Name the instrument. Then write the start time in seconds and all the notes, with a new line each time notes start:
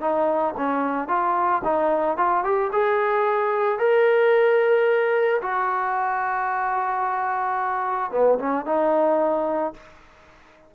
trombone
0.00 D#4
0.57 C#4
1.08 F4
1.64 D#4
2.17 F4
2.44 G4
2.72 G#4
3.79 A#4
5.42 F#4
8.11 B3
8.39 C#4
8.66 D#4